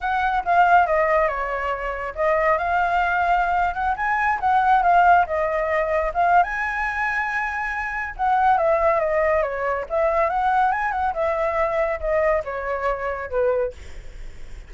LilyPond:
\new Staff \with { instrumentName = "flute" } { \time 4/4 \tempo 4 = 140 fis''4 f''4 dis''4 cis''4~ | cis''4 dis''4 f''2~ | f''8. fis''8 gis''4 fis''4 f''8.~ | f''16 dis''2 f''8. gis''4~ |
gis''2. fis''4 | e''4 dis''4 cis''4 e''4 | fis''4 gis''8 fis''8 e''2 | dis''4 cis''2 b'4 | }